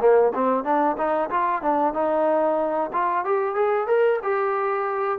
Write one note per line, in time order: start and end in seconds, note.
0.00 0.32 A#3
0.35 0.64 C4
0.64 0.96 D4
0.98 1.30 D#4
1.30 1.62 F4
1.62 1.94 D4
1.94 2.90 D#4
2.93 3.25 F4
3.25 3.55 G4
3.55 3.87 G#4
3.87 4.20 A#4
4.23 5.19 G4